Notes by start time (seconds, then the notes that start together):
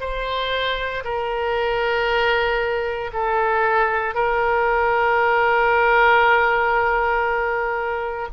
0.00 C5
1.04 A#4
3.13 A4
4.14 A#4